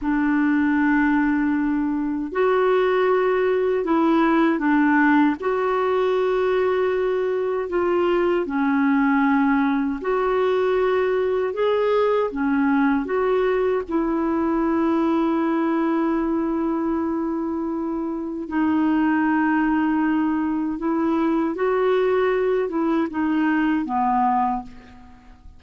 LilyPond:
\new Staff \with { instrumentName = "clarinet" } { \time 4/4 \tempo 4 = 78 d'2. fis'4~ | fis'4 e'4 d'4 fis'4~ | fis'2 f'4 cis'4~ | cis'4 fis'2 gis'4 |
cis'4 fis'4 e'2~ | e'1 | dis'2. e'4 | fis'4. e'8 dis'4 b4 | }